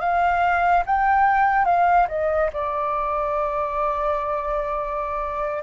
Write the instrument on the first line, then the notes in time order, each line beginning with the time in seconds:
flute
0.00 F5
0.86 G5
1.65 F5
2.08 D#5
2.53 D5